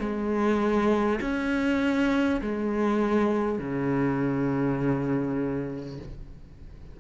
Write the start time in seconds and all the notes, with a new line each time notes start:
0.00 G#3
1.21 C#4
2.41 G#3
3.59 C#3